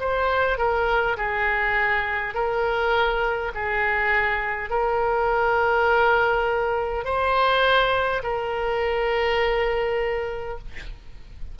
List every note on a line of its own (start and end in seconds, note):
0.00 0.58 C5
0.58 1.17 A#4
1.17 2.35 G#4
2.35 3.52 A#4
3.55 4.70 G#4
4.70 7.05 A#4
7.05 8.22 C5
8.23 10.58 A#4